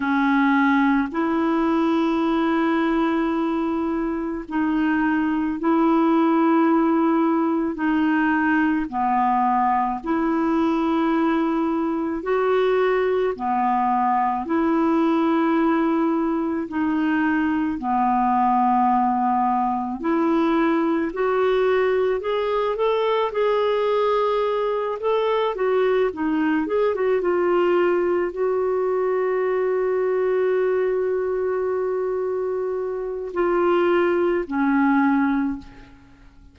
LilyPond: \new Staff \with { instrumentName = "clarinet" } { \time 4/4 \tempo 4 = 54 cis'4 e'2. | dis'4 e'2 dis'4 | b4 e'2 fis'4 | b4 e'2 dis'4 |
b2 e'4 fis'4 | gis'8 a'8 gis'4. a'8 fis'8 dis'8 | gis'16 fis'16 f'4 fis'2~ fis'8~ | fis'2 f'4 cis'4 | }